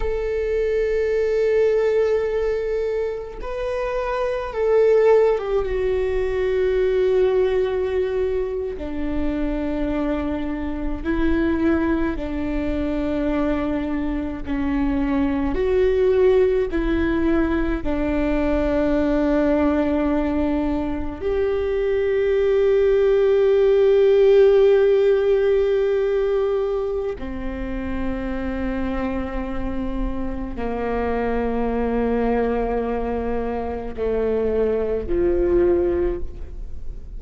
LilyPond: \new Staff \with { instrumentName = "viola" } { \time 4/4 \tempo 4 = 53 a'2. b'4 | a'8. g'16 fis'2~ fis'8. d'16~ | d'4.~ d'16 e'4 d'4~ d'16~ | d'8. cis'4 fis'4 e'4 d'16~ |
d'2~ d'8. g'4~ g'16~ | g'1 | c'2. ais4~ | ais2 a4 f4 | }